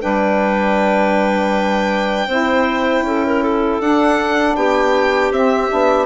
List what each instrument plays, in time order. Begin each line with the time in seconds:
0.00 bassoon G3, saxophone D4, clarinet B4, violin G5
2.27 bassoon C4, saxophone E4, clarinet C5
3.02 bassoon C#4, clarinet A4
3.27 clarinet A#4
3.43 clarinet A4
3.81 bassoon D4, saxophone D4, violin F#5
4.56 bassoon B3, clarinet G4, violin G5
5.31 bassoon C4, saxophone C4, violin E5
5.70 bassoon B3, saxophone D4